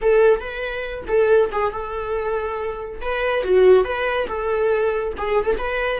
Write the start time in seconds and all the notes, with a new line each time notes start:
0.01 A4
0.40 B4
1.07 A4
1.52 G#4
1.71 A4
3.01 B4
3.43 F#4
3.84 B4
4.27 A4
5.17 G#4
5.45 A4
5.58 B4